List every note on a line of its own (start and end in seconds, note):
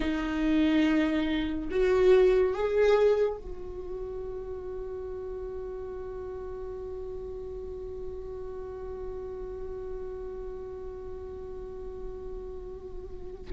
0.00 1.69 D#4
1.70 2.54 F#4
2.54 3.36 G#4
3.36 13.51 F#4